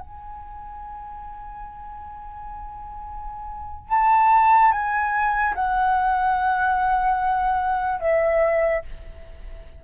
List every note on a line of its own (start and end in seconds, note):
0.00 3.90 G#5
3.90 4.72 A5
4.72 5.54 G#5
5.56 8.01 F#5
8.01 8.83 E5